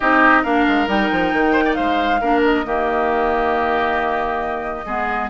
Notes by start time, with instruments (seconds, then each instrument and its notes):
0.00 bassoon C4, clarinet D#4, oboe G4, flute D#5
0.42 bassoon A#3, clarinet D4, oboe A#4, flute F5
0.67 bassoon G#3
0.87 bassoon G3, clarinet D#4, flute G5
1.11 bassoon F3
1.32 bassoon D#3
1.52 oboe C5
1.65 oboe D5
1.73 bassoon G#3, oboe C5, flute F5
2.20 bassoon A#3, clarinet D4, oboe A#4
2.44 flute D#5
2.64 bassoon D#3, clarinet A#3, oboe G4
4.85 bassoon G#3, clarinet B3, oboe G#4